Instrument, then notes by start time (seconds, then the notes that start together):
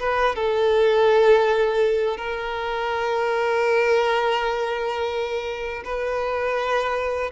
violin
0.00 B4
0.36 A4
2.18 A#4
5.85 B4